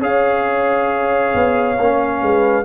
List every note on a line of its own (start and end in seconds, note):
0.00 1.34 C#4
0.00 1.77 G#4
0.00 2.21 C#5
0.00 2.65 F5
1.34 1.78 B3
1.78 2.22 A#3
1.78 2.65 C#4
2.21 2.65 G#3
2.21 2.65 B4